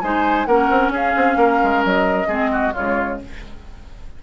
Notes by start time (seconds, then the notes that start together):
0.00 G#3 D#4 C5 G#5
0.45 A#3 C#4 A#4 F#5
0.69 C4
0.89 C#4 G#4 F5
1.16 C4
1.36 A#3 A#4
1.63 G#3
1.84 F#3 D#5
2.27 G#3 C4 G#4
2.52 F#4
2.73 C#3 G#3 F4 C#5